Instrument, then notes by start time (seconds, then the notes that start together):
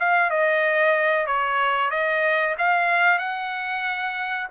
trumpet
0.00 F5
0.30 D#5
1.27 C#5
1.91 D#5
2.58 F5
3.19 F#5